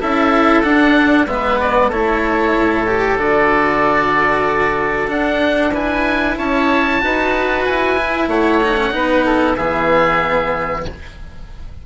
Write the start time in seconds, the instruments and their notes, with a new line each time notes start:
0.00 bassoon C#4, cello E4, oboe A4 E5
0.63 bassoon D4, cello D4, oboe F#5
1.27 bassoon G#3, cello B3, oboe B4 E5
1.60 oboe D5
1.88 bassoon A3, cello E4, oboe A4 C#5
2.57 bassoon A2
2.87 cello G4
3.18 bassoon D3, cello F#4, oboe D5
5.08 cello D4, bassoon D4, oboe F#5
5.74 cello E4, oboe B4 G#5
6.38 bassoon C#4, oboe C#5 A5
7.01 bassoon D#4, cello F#4, oboe B4
7.65 bassoon E4, oboe G#5
7.98 cello E4
8.28 bassoon A3, oboe C#5 F#5
8.63 cello D#4
8.77 cello C#4
8.91 bassoon B3, cello D#4, oboe B4
9.26 oboe A4
9.57 bassoon E3, cello B3, oboe G#4 E5